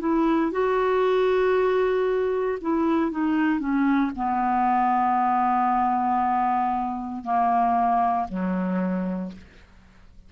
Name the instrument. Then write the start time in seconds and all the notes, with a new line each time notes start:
clarinet
0.00 E4
0.52 F#4
2.61 E4
3.12 D#4
3.60 C#4
4.16 B3
7.24 A#3
8.29 F#3